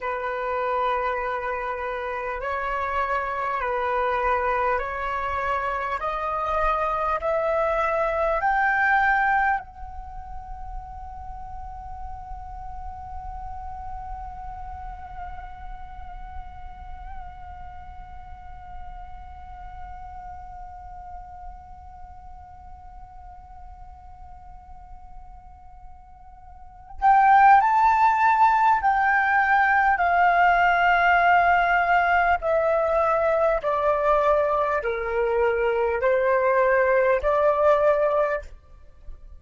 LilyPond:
\new Staff \with { instrumentName = "flute" } { \time 4/4 \tempo 4 = 50 b'2 cis''4 b'4 | cis''4 dis''4 e''4 g''4 | fis''1~ | fis''1~ |
fis''1~ | fis''2~ fis''8 g''8 a''4 | g''4 f''2 e''4 | d''4 ais'4 c''4 d''4 | }